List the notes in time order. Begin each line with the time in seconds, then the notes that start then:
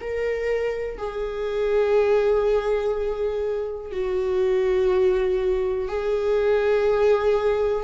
0.00 A#4
0.97 G#4
3.91 F#4
5.88 G#4